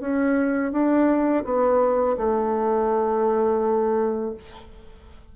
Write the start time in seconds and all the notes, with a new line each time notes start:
0.00 C#4
0.72 D4
1.45 B3
2.18 A3